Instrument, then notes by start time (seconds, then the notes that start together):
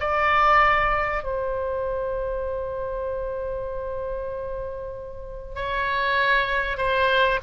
oboe
0.00 D5
1.24 C5
5.55 C#5
6.78 C5